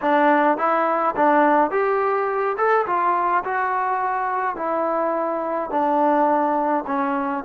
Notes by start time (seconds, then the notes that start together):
0.01 D4
0.57 E4
1.16 D4
1.70 G4
2.57 A4
2.86 F4
3.44 F#4
4.56 E4
5.70 D4
6.86 C#4